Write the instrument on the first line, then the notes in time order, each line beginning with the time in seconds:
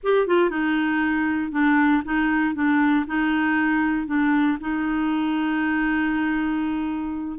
clarinet
0.03 G4
0.27 F4
0.49 D#4
1.51 D4
2.04 D#4
2.54 D4
3.06 D#4
4.07 D4
4.60 D#4